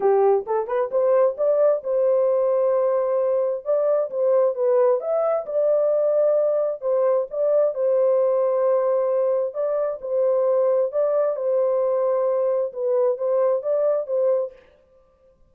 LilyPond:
\new Staff \with { instrumentName = "horn" } { \time 4/4 \tempo 4 = 132 g'4 a'8 b'8 c''4 d''4 | c''1 | d''4 c''4 b'4 e''4 | d''2. c''4 |
d''4 c''2.~ | c''4 d''4 c''2 | d''4 c''2. | b'4 c''4 d''4 c''4 | }